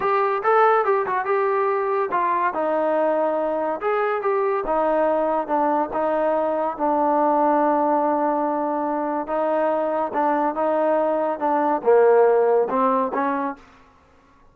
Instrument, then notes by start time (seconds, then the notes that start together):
trombone
0.00 G4
0.43 A4
0.85 G4
1.06 F#4
1.25 G4
2.11 F4
2.53 D#4
3.80 G#4
4.21 G4
4.66 D#4
5.47 D4
5.93 D#4
6.77 D4
9.27 D#4
10.13 D4
10.54 D#4
11.39 D4
11.83 A#3
12.69 C4
13.13 C#4